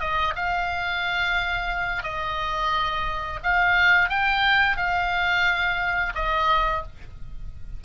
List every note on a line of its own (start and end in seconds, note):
0.00 0.34 D#5
0.36 2.03 F5
2.03 3.40 D#5
3.43 4.09 F5
4.09 4.77 G5
4.77 6.13 F5
6.15 6.83 D#5